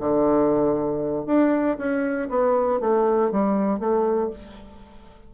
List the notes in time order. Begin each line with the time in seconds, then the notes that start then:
0.00 D3
1.27 D4
1.78 C#4
2.30 B3
2.81 A3
3.32 G3
3.80 A3